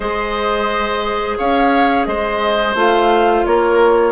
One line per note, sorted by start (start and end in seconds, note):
0.00 1.37 G#3
0.00 2.76 G#4
0.00 1.38 C5
0.00 1.37 D#5
1.38 2.06 C#4
1.38 2.07 C#5
1.38 2.05 F5
2.05 2.75 G#3
2.05 3.45 C5
2.05 2.74 D#5
2.75 3.44 A3
2.75 4.12 F4
2.75 3.45 F5
3.45 4.12 A#3
3.45 4.12 A#4
3.45 4.12 C#5